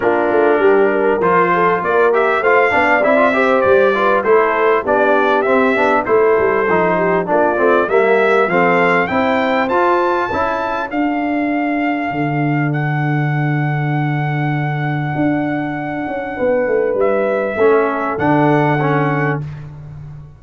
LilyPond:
<<
  \new Staff \with { instrumentName = "trumpet" } { \time 4/4 \tempo 4 = 99 ais'2 c''4 d''8 e''8 | f''4 e''4 d''4 c''4 | d''4 e''4 c''2 | d''4 e''4 f''4 g''4 |
a''2 f''2~ | f''4 fis''2.~ | fis''1 | e''2 fis''2 | }
  \new Staff \with { instrumentName = "horn" } { \time 4/4 f'4 g'8 ais'4 a'8 ais'4 | c''8 d''4 c''4 b'8 a'4 | g'2 a'4. g'8 | f'4 g'4 a'4 c''4~ |
c''4 a'2.~ | a'1~ | a'2. b'4~ | b'4 a'2. | }
  \new Staff \with { instrumentName = "trombone" } { \time 4/4 d'2 f'4. g'8 | f'8 d'8 e'16 f'16 g'4 f'8 e'4 | d'4 c'8 d'8 e'4 dis'4 | d'8 c'8 ais4 c'4 e'4 |
f'4 e'4 d'2~ | d'1~ | d'1~ | d'4 cis'4 d'4 cis'4 | }
  \new Staff \with { instrumentName = "tuba" } { \time 4/4 ais8 a8 g4 f4 ais4 | a8 b8 c'4 g4 a4 | b4 c'8 b8 a8 g8 f4 | ais8 a8 g4 f4 c'4 |
f'4 cis'4 d'2 | d1~ | d4 d'4. cis'8 b8 a8 | g4 a4 d2 | }
>>